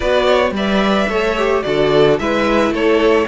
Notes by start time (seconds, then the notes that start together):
0.00 B3 F#4 B4 D5
0.26 C#5
0.51 G3 B4 D5 E5
1.08 A3 A4 C#5
1.37 G4
1.62 D3 F#4 A4 D5
2.19 G#3 E4 B4 E5
2.70 A3 A4 C#5